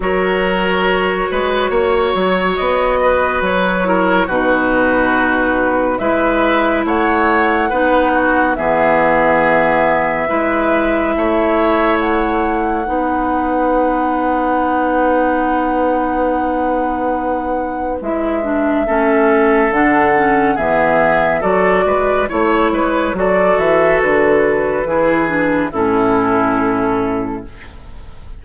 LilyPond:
<<
  \new Staff \with { instrumentName = "flute" } { \time 4/4 \tempo 4 = 70 cis''2. dis''4 | cis''4 b'2 e''4 | fis''2 e''2~ | e''2 fis''2~ |
fis''1~ | fis''4 e''2 fis''4 | e''4 d''4 cis''4 d''8 e''8 | b'2 a'2 | }
  \new Staff \with { instrumentName = "oboe" } { \time 4/4 ais'4. b'8 cis''4. b'8~ | b'8 ais'8 fis'2 b'4 | cis''4 b'8 fis'8 gis'2 | b'4 cis''2 b'4~ |
b'1~ | b'2 a'2 | gis'4 a'8 b'8 cis''8 b'8 a'4~ | a'4 gis'4 e'2 | }
  \new Staff \with { instrumentName = "clarinet" } { \time 4/4 fis'1~ | fis'8 e'8 dis'2 e'4~ | e'4 dis'4 b2 | e'2. dis'4~ |
dis'1~ | dis'4 e'8 d'8 cis'4 d'8 cis'8 | b4 fis'4 e'4 fis'4~ | fis'4 e'8 d'8 cis'2 | }
  \new Staff \with { instrumentName = "bassoon" } { \time 4/4 fis4. gis8 ais8 fis8 b4 | fis4 b,2 gis4 | a4 b4 e2 | gis4 a2 b4~ |
b1~ | b4 gis4 a4 d4 | e4 fis8 gis8 a8 gis8 fis8 e8 | d4 e4 a,2 | }
>>